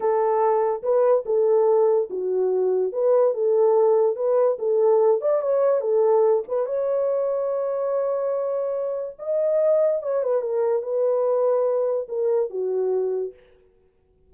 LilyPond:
\new Staff \with { instrumentName = "horn" } { \time 4/4 \tempo 4 = 144 a'2 b'4 a'4~ | a'4 fis'2 b'4 | a'2 b'4 a'4~ | a'8 d''8 cis''4 a'4. b'8 |
cis''1~ | cis''2 dis''2 | cis''8 b'8 ais'4 b'2~ | b'4 ais'4 fis'2 | }